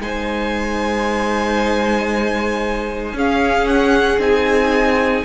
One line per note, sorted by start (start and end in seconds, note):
0.00 3.13 G#3
0.00 3.16 D#4
0.00 3.15 C5
0.00 3.17 G#5
3.13 4.18 C#4
3.13 4.19 C#4
3.13 5.24 G#4
3.13 3.67 F5
3.67 4.19 F#5
4.18 5.23 C4
4.18 5.24 D#4
4.18 5.24 G#5